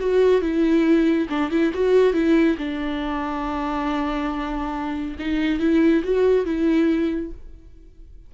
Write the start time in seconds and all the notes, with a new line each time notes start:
0.00 F#4
0.42 E4
1.30 D4
1.51 E4
1.74 F#4
2.14 E4
2.58 D4
5.19 D#4
5.60 E4
6.04 F#4
6.46 E4